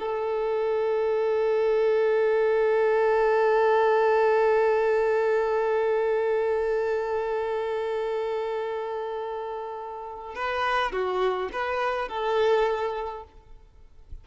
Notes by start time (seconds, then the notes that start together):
0.00 A4
10.36 B4
10.92 F#4
11.53 B4
12.09 A4